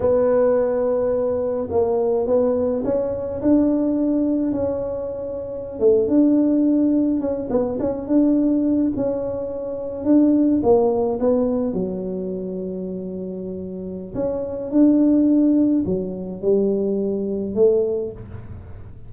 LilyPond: \new Staff \with { instrumentName = "tuba" } { \time 4/4 \tempo 4 = 106 b2. ais4 | b4 cis'4 d'2 | cis'2~ cis'16 a8 d'4~ d'16~ | d'8. cis'8 b8 cis'8 d'4. cis'16~ |
cis'4.~ cis'16 d'4 ais4 b16~ | b8. fis2.~ fis16~ | fis4 cis'4 d'2 | fis4 g2 a4 | }